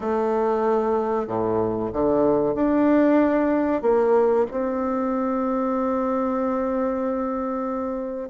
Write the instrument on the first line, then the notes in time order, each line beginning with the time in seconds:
bassoon
0.00 A3
1.27 A2
1.92 D3
2.54 D4
3.82 A#3
4.50 C4